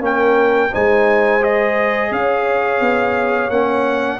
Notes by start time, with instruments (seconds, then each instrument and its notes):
0.00 tuba A#3, trombone C#4, horn A#4, trumpet G5
0.71 tuba G#3, trombone D#4, horn C5, trumpet G#5
1.40 trombone G#4, trumpet D#5
2.11 tuba C#4, horn C#5, trumpet F5
2.80 tuba B3
3.49 tuba A#3, trombone C#4, trumpet F#5